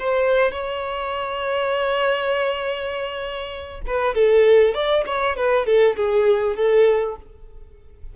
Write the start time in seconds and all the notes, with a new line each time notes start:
0.00 C5
0.52 C#5
3.87 B4
4.15 A4
4.75 D5
5.06 C#5
5.37 B4
5.66 A4
5.97 G#4
6.57 A4